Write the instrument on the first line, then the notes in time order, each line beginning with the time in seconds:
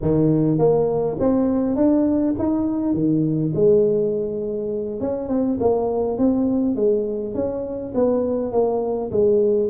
tuba
0.01 D#3
0.58 A#3
1.19 C4
1.76 D4
2.38 D#4
2.93 D#3
3.54 G#3
5.00 C#4
5.28 C4
5.60 A#3
6.18 C4
6.75 G#3
7.34 C#4
7.94 B3
8.52 A#3
9.11 G#3